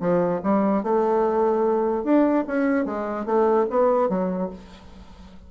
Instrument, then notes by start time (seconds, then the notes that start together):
bassoon
0.00 F3
0.43 G3
0.83 A3
2.04 D4
2.47 C#4
2.85 G#3
3.25 A3
3.70 B3
4.09 F#3